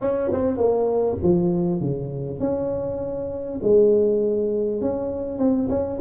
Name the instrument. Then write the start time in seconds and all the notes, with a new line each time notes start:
tuba
0.01 C#4
0.32 C4
0.57 A#3
1.22 F3
1.80 C#3
2.39 C#4
3.62 G#3
4.81 C#4
5.38 C4
5.69 C#4